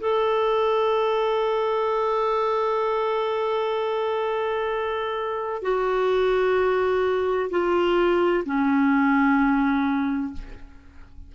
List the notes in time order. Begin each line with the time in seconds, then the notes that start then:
0.00 A4
5.62 F#4
7.50 F4
8.45 C#4